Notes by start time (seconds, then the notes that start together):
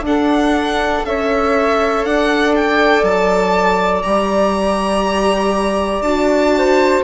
0.00 D4
0.06 D4 A4 F#5
1.04 C#4 A4 C#5 E5
2.04 D4 D5 F#5
2.55 G5
3.03 F#3 A5
4.03 G3 G4 A#5
6.01 D4 F#4 A5
6.58 C5